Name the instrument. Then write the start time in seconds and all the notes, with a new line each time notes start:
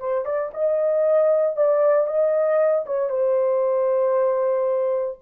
horn
0.00 C5
0.26 D5
0.54 D#5
1.57 D5
2.07 D#5
2.86 C#5
3.10 C5